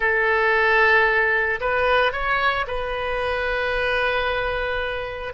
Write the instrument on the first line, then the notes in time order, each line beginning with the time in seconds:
oboe
0.00 A4
1.60 B4
2.12 C#5
2.67 B4